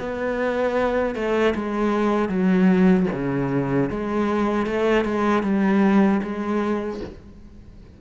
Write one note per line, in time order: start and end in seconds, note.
0.00 1.15 B3
1.15 1.54 A3
1.55 2.29 G#3
2.29 3.07 F#3
3.13 3.90 C#3
3.90 4.66 G#3
4.66 5.05 A3
5.05 5.43 G#3
5.43 6.21 G3
6.23 7.01 G#3